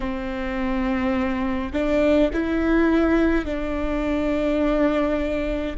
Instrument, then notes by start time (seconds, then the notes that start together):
viola
0.00 C4
1.73 D4
2.33 E4
3.45 D4